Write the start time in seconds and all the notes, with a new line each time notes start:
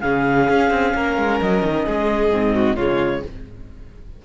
0.00 C#3 C#4 G#4 F5
0.49 C#4
0.70 C4
0.94 A#3 A#4
1.17 G#3
1.41 F#3 D#5
1.63 D#3
1.85 G#3 G#4
2.30 G#2 C4
2.55 F#4
2.76 C#3 G#3 F4 C#5